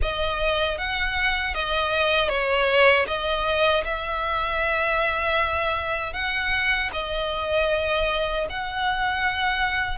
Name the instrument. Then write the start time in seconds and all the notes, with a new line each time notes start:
violin
0.01 D#5
0.78 F#5
1.54 D#5
2.29 C#5
3.07 D#5
3.84 E5
6.13 F#5
6.92 D#5
8.49 F#5